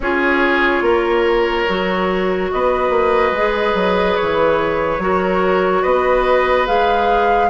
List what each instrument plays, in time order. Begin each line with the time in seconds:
0.00 bassoon C#4, clarinet F4, oboe G#4, flute C#5
0.81 bassoon A#3, oboe A#4
1.68 bassoon F#3, clarinet F#4
2.51 bassoon B3, oboe B4, flute D#5
2.89 bassoon A#3
3.31 bassoon G#3, clarinet G#4
3.74 bassoon F#3
4.16 bassoon E3, flute C#5
4.98 bassoon F#3, clarinet F#4, oboe A#4
5.82 bassoon B3, oboe B4, flute D#5
6.66 bassoon G#3, clarinet G#4, flute F5